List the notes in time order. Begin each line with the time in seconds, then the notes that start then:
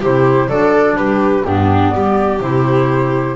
0.00 C3 E4 G4 C5
0.48 F#3 D4 A4 D5
0.96 G3 G4 B4
1.44 G2 B3 D4 G4
1.90 G3 G4 D5
2.40 C3 E4 C5